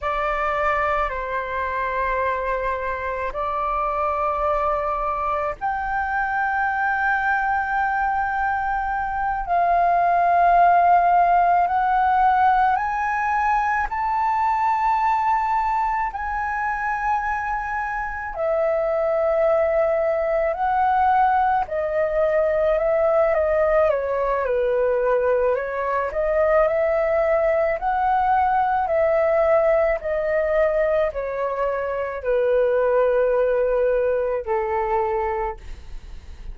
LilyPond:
\new Staff \with { instrumentName = "flute" } { \time 4/4 \tempo 4 = 54 d''4 c''2 d''4~ | d''4 g''2.~ | g''8 f''2 fis''4 gis''8~ | gis''8 a''2 gis''4.~ |
gis''8 e''2 fis''4 dis''8~ | dis''8 e''8 dis''8 cis''8 b'4 cis''8 dis''8 | e''4 fis''4 e''4 dis''4 | cis''4 b'2 a'4 | }